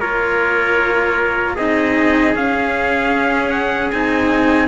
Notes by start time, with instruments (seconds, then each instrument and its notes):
0.00 cello A#3 F4, trumpet A#4 C#5
1.55 cello C4 D#4, trumpet G#4 D#5
2.35 cello C#4, trumpet F5
3.50 trumpet F#5
3.91 cello C4 D#4, trumpet G#5